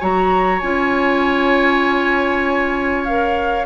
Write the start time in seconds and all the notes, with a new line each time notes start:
0.00 F#3 F#4 C#5 A#5
0.59 C#4 F4 G#5
3.04 A#4 F5